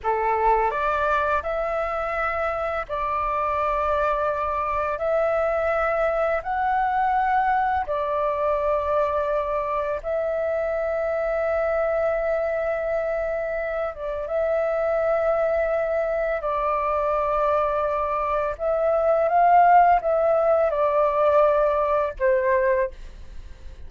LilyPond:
\new Staff \with { instrumentName = "flute" } { \time 4/4 \tempo 4 = 84 a'4 d''4 e''2 | d''2. e''4~ | e''4 fis''2 d''4~ | d''2 e''2~ |
e''2.~ e''8 d''8 | e''2. d''4~ | d''2 e''4 f''4 | e''4 d''2 c''4 | }